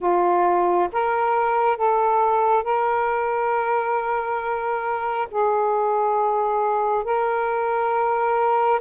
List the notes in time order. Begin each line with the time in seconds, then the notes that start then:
0.00 F4
0.92 A#4
1.77 A4
2.63 A#4
5.31 G#4
7.03 A#4